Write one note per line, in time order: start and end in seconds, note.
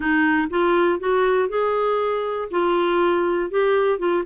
0.00 0.47 D#4
0.50 0.99 F4
0.99 1.48 F#4
1.48 2.48 G#4
2.50 3.50 F4
3.50 3.98 G4
3.98 4.23 F4